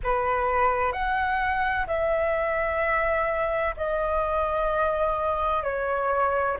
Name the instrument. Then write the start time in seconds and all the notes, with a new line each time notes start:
flute
0.03 B4
0.92 F#5
1.87 E5
3.77 D#5
5.63 C#5